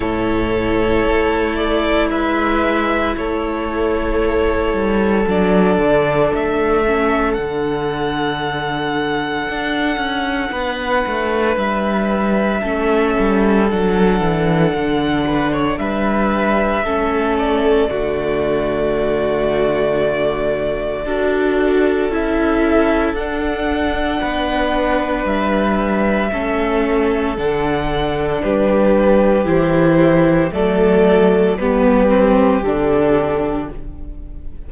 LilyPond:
<<
  \new Staff \with { instrumentName = "violin" } { \time 4/4 \tempo 4 = 57 cis''4. d''8 e''4 cis''4~ | cis''4 d''4 e''4 fis''4~ | fis''2. e''4~ | e''4 fis''2 e''4~ |
e''8 d''2.~ d''8~ | d''4 e''4 fis''2 | e''2 fis''4 b'4 | c''4 d''4 b'4 a'4 | }
  \new Staff \with { instrumentName = "violin" } { \time 4/4 a'2 b'4 a'4~ | a'1~ | a'2 b'2 | a'2~ a'8 b'16 cis''16 b'4 |
a'4 fis'2. | a'2. b'4~ | b'4 a'2 g'4~ | g'4 a'4 g'2 | }
  \new Staff \with { instrumentName = "viola" } { \time 4/4 e'1~ | e'4 d'4. cis'8 d'4~ | d'1 | cis'4 d'2. |
cis'4 a2. | fis'4 e'4 d'2~ | d'4 cis'4 d'2 | e'4 a4 b8 c'8 d'4 | }
  \new Staff \with { instrumentName = "cello" } { \time 4/4 a,4 a4 gis4 a4~ | a8 g8 fis8 d8 a4 d4~ | d4 d'8 cis'8 b8 a8 g4 | a8 g8 fis8 e8 d4 g4 |
a4 d2. | d'4 cis'4 d'4 b4 | g4 a4 d4 g4 | e4 fis4 g4 d4 | }
>>